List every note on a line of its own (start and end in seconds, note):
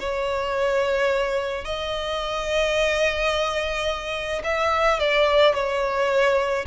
0.00 1.65 C#5
1.65 4.42 D#5
4.44 4.99 E5
4.99 5.55 D5
5.55 6.66 C#5